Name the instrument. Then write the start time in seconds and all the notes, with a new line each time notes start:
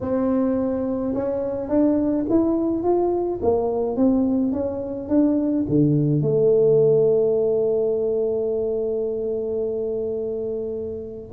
tuba
0.01 C4
1.14 C#4
1.69 D4
2.29 E4
2.83 F4
3.42 A#3
3.96 C4
4.52 C#4
5.08 D4
5.69 D3
6.21 A3